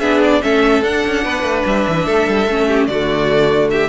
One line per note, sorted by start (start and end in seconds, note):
0.00 0.42 B3
0.00 0.42 D4
0.00 0.41 G#4
0.00 0.21 E5
0.24 0.43 D5
0.42 0.83 A3
0.42 0.83 C#4
0.42 1.24 A4
0.42 0.84 E5
0.83 1.03 D4
0.83 2.48 D4
0.83 1.65 F#5
1.07 1.25 C#4
1.24 1.43 B3
1.24 2.06 B4
1.43 1.64 A3
1.66 1.87 G3
1.66 2.87 E5
1.88 2.07 E3
2.06 2.27 A3
2.06 2.67 A4
2.28 2.48 G3
2.48 2.88 A3
2.48 2.91 C#4
2.68 2.88 G4
2.87 3.89 D3
2.87 3.89 A3
2.87 3.72 F#4
2.87 3.69 D5
3.71 3.89 G4
3.71 3.89 E5